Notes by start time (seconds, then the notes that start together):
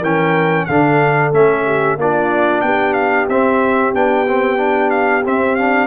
0.00 E3 C#4 A#4 G5
0.66 D3 D4 A4 F5
1.33 A3 C#4 E5
1.66 G4
1.97 A#3 D4 F4 D5
2.62 B3 G4 G5
2.94 F5
3.29 C4 E5
3.95 B3 D4 G5
4.28 C4
4.58 D4
4.91 F5
5.26 C4 E5
5.56 D4 F5